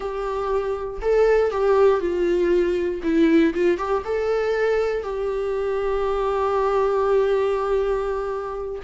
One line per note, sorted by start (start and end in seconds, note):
0.00 1.00 G4
1.01 1.51 A4
1.51 2.00 G4
2.00 3.01 F4
3.03 3.53 E4
3.53 3.77 F4
3.77 4.02 G4
4.05 5.03 A4
5.03 8.81 G4